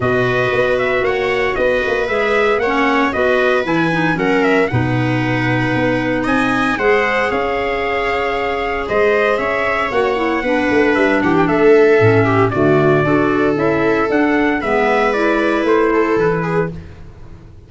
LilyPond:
<<
  \new Staff \with { instrumentName = "trumpet" } { \time 4/4 \tempo 4 = 115 dis''4. e''8 fis''4 dis''4 | e''4 fis''4 dis''4 gis''4 | fis''8 e''8 fis''2. | gis''4 fis''4 f''2~ |
f''4 dis''4 e''4 fis''4~ | fis''4 e''8 fis''16 g''16 e''2 | d''2 e''4 fis''4 | e''4 d''4 c''4 b'4 | }
  \new Staff \with { instrumentName = "viola" } { \time 4/4 b'2 cis''4 b'4~ | b'4 cis''4 b'2 | ais'4 b'2. | dis''4 c''4 cis''2~ |
cis''4 c''4 cis''2 | b'4. g'8 a'4. g'8 | fis'4 a'2. | b'2~ b'8 a'4 gis'8 | }
  \new Staff \with { instrumentName = "clarinet" } { \time 4/4 fis'1 | gis'4 cis'4 fis'4 e'8 dis'8 | cis'4 dis'2.~ | dis'4 gis'2.~ |
gis'2. fis'8 e'8 | d'2. cis'4 | a4 fis'4 e'4 d'4 | b4 e'2. | }
  \new Staff \with { instrumentName = "tuba" } { \time 4/4 b,4 b4 ais4 b8 ais8 | gis4 ais4 b4 e4 | fis4 b,2 b4 | c'4 gis4 cis'2~ |
cis'4 gis4 cis'4 ais4 | b8 a8 g8 e8 a4 a,4 | d4 d'4 cis'4 d'4 | gis2 a4 e4 | }
>>